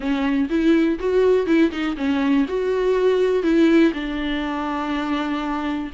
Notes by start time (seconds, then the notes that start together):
0.00 C#4
0.49 E4
0.99 F#4
1.46 E4
1.71 D#4
1.96 C#4
2.48 F#4
3.43 E4
3.93 D4